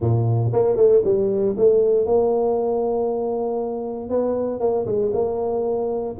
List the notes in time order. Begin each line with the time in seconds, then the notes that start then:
0.00 A#2
0.52 A#3
0.76 A3
1.04 G3
1.57 A3
2.06 A#3
4.09 B3
4.59 A#3
4.86 G#3
5.13 A#3